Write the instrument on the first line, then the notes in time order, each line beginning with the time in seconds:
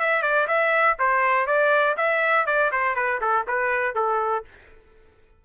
trumpet
0.00 E5
0.23 D5
0.48 E5
0.99 C5
1.47 D5
1.97 E5
2.46 D5
2.72 C5
2.95 B4
3.21 A4
3.48 B4
3.95 A4